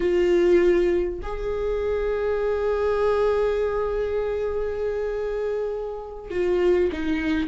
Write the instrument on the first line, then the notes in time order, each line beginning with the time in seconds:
viola
0.00 F4
1.22 G#4
6.30 F4
6.92 D#4